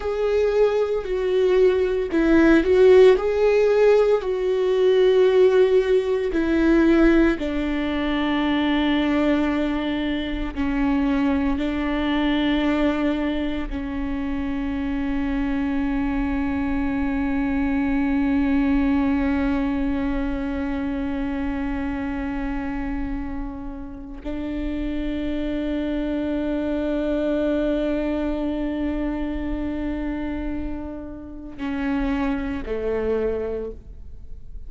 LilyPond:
\new Staff \with { instrumentName = "viola" } { \time 4/4 \tempo 4 = 57 gis'4 fis'4 e'8 fis'8 gis'4 | fis'2 e'4 d'4~ | d'2 cis'4 d'4~ | d'4 cis'2.~ |
cis'1~ | cis'2. d'4~ | d'1~ | d'2 cis'4 a4 | }